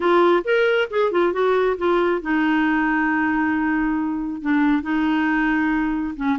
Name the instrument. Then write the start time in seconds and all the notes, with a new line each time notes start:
clarinet
0.00 F4
0.44 A#4
0.90 G#4
1.11 F4
1.32 F#4
1.77 F4
2.21 D#4
4.41 D4
4.82 D#4
6.16 C#4